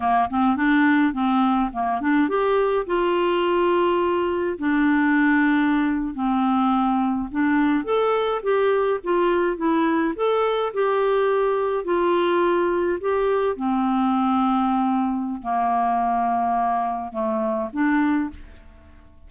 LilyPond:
\new Staff \with { instrumentName = "clarinet" } { \time 4/4 \tempo 4 = 105 ais8 c'8 d'4 c'4 ais8 d'8 | g'4 f'2. | d'2~ d'8. c'4~ c'16~ | c'8. d'4 a'4 g'4 f'16~ |
f'8. e'4 a'4 g'4~ g'16~ | g'8. f'2 g'4 c'16~ | c'2. ais4~ | ais2 a4 d'4 | }